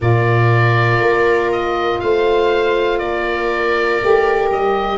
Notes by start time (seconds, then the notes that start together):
0.00 A#2 F4 A#4 D5
0.99 A#3
1.51 D#5
2.00 A3 C5 F5
2.98 A#3 A#4 D5
4.01 A3 G4
4.50 G3 D#5